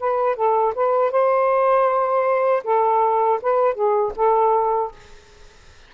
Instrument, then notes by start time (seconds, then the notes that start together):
saxophone
0.00 B4
0.36 A4
0.75 B4
1.11 C5
2.64 A4
3.42 B4
3.74 G#4
4.16 A4